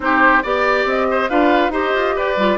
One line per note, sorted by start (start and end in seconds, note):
0.00 0.43 C4
0.00 0.43 D#4
0.00 0.42 G4
0.00 0.43 C5
0.42 0.85 B3
0.42 1.29 G4
0.42 1.07 D5
0.42 0.86 D5
0.85 1.28 C4
0.85 1.29 D#5
1.10 1.29 C5
1.29 1.69 D4
1.29 1.71 F4
1.29 1.72 B4
1.29 1.72 F5
1.69 1.91 D#4
1.69 2.36 G4
1.69 2.15 C5
1.69 2.17 D#5
1.94 2.15 F4
2.15 2.37 G4
2.15 2.57 B4
2.15 2.57 D5
2.37 2.57 G3
2.37 2.57 F4